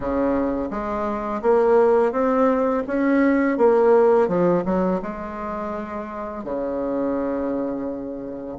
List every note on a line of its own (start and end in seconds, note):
0.00 0.69 C#3
0.70 1.41 G#3
1.42 2.11 A#3
2.11 2.83 C4
2.87 3.57 C#4
3.57 4.28 A#3
4.28 4.63 F3
4.65 5.00 F#3
5.02 6.44 G#3
6.44 8.58 C#3